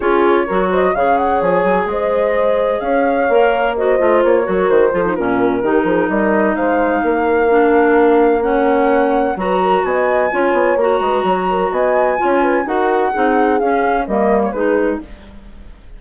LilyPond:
<<
  \new Staff \with { instrumentName = "flute" } { \time 4/4 \tempo 4 = 128 cis''4. dis''8 f''8 fis''8 gis''4 | dis''2 f''2 | dis''4 cis''4 c''4 ais'4~ | ais'4 dis''4 f''2~ |
f''2 fis''2 | ais''4 gis''2 ais''4~ | ais''4 gis''2 fis''4~ | fis''4 f''4 dis''8. cis''16 b'4 | }
  \new Staff \with { instrumentName = "horn" } { \time 4/4 gis'4 ais'8 c''8 cis''2 | c''2 cis''2 | c''4. ais'4 a'8 f'4 | g'8 gis'8 ais'4 c''4 ais'4~ |
ais'2 cis''2 | b'8 ais'8 dis''4 cis''4. b'8 | cis''8 ais'8 dis''4 cis''8 b'8 ais'4 | gis'2 ais'4 gis'4 | }
  \new Staff \with { instrumentName = "clarinet" } { \time 4/4 f'4 fis'4 gis'2~ | gis'2. ais'4 | fis'8 f'4 fis'4 f'16 dis'16 cis'4 | dis'1 |
d'2 cis'2 | fis'2 f'4 fis'4~ | fis'2 f'4 fis'4 | dis'4 cis'4 ais4 dis'4 | }
  \new Staff \with { instrumentName = "bassoon" } { \time 4/4 cis'4 fis4 cis4 f8 fis8 | gis2 cis'4 ais4~ | ais8 a8 ais8 fis8 dis8 f8 ais,4 | dis8 f8 g4 gis4 ais4~ |
ais1 | fis4 b4 cis'8 b8 ais8 gis8 | fis4 b4 cis'4 dis'4 | c'4 cis'4 g4 gis4 | }
>>